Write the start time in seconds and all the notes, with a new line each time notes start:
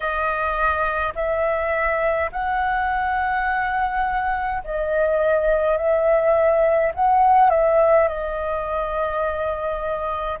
0.00 D#5
1.15 E5
2.31 F#5
4.64 D#5
5.77 E5
6.94 F#5
7.50 E5
8.08 D#5